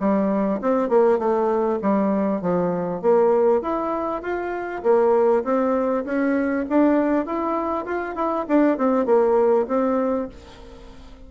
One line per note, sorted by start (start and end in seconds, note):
0.00 0.61 G3
0.62 0.90 C4
0.90 1.19 A#3
1.19 1.80 A3
1.82 2.42 G3
2.42 3.02 F3
3.02 3.62 A#3
3.62 4.23 E4
4.23 4.83 F4
4.83 5.44 A#3
5.44 6.05 C4
6.06 6.66 C#4
6.70 7.26 D4
7.26 7.86 E4
7.86 8.16 F4
8.16 8.46 E4
8.48 8.78 D4
8.78 9.06 C4
9.06 9.67 A#3
9.68 10.29 C4